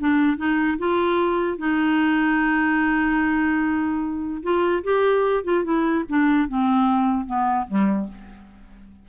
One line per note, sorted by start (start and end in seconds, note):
0.00 0.38 D4
0.38 0.78 D#4
0.79 1.58 F4
1.58 4.42 D#4
4.43 4.84 F4
4.84 5.45 G4
5.45 5.64 F4
5.64 6.05 E4
6.09 6.49 D4
6.49 7.27 C4
7.27 7.67 B3
7.68 8.09 G3